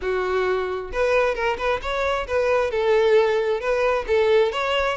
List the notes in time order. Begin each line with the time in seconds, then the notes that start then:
0.01 F#4
0.92 B4
1.34 A#4
1.57 B4
1.81 C#5
2.27 B4
2.70 A4
3.60 B4
4.07 A4
4.52 C#5